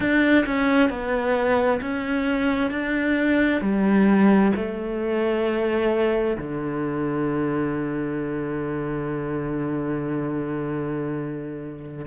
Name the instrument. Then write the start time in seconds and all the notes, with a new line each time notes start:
cello
0.00 D4
0.45 C#4
0.89 B3
1.81 C#4
2.70 D4
3.61 G3
4.55 A3
6.37 D3